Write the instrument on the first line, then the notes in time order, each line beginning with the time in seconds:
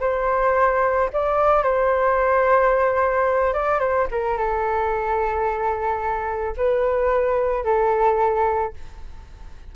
flute
0.00 C5
1.13 D5
1.63 C5
3.53 D5
3.79 C5
4.11 A#4
4.37 A4
6.57 B4
7.64 A4